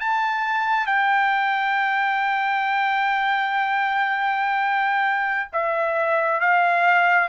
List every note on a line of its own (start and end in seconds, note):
0.00 0.87 A5
0.87 5.50 G5
5.53 6.41 E5
6.41 7.29 F5